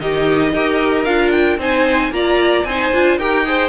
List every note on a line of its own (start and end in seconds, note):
0.00 0.53 D#3
0.00 0.54 D#4
0.00 0.54 G4
0.00 1.05 D#5
0.53 1.06 D#4
0.53 1.06 G4
0.53 1.60 A#4
1.05 1.58 D4
1.05 1.59 F4
1.05 1.31 F5
1.32 1.58 G5
1.58 2.11 C4
1.58 2.12 D#4
1.58 2.13 C5
1.58 2.13 G#5
2.11 2.64 A#3
2.11 2.65 F4
2.11 2.68 D5
2.11 2.65 A#5
2.64 2.91 C4
2.64 2.94 D#4
2.64 3.19 C5
2.64 3.18 G#5
2.93 3.18 D4
2.93 3.20 F4
3.18 3.69 D#4
3.18 3.46 G4
3.18 3.46 A#4
3.18 3.69 G5
3.46 3.69 G#4
3.46 3.69 C5